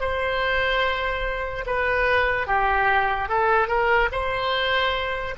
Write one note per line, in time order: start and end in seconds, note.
0.00 1.64 C5
1.66 2.47 B4
2.47 3.28 G4
3.28 3.68 A4
3.68 4.09 A#4
4.12 5.35 C5